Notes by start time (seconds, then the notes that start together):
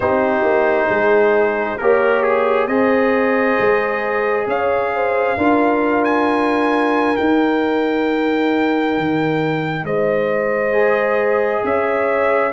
0.00 C4 D#4 G4 C5
0.43 A#3
0.88 G#3 G#4
1.78 A#3 G4 A#4 C#5
2.23 G#4
2.67 C4 G#4 C5 D#5
3.59 G#3
4.46 C#4 C#5 F5
4.94 C5
5.37 D4 F4 A#4
6.04 G#5
7.15 D#4 G5
8.97 D#3
9.83 G#3 C5 D#5
10.72 G#4
11.64 C#4 C#5 E5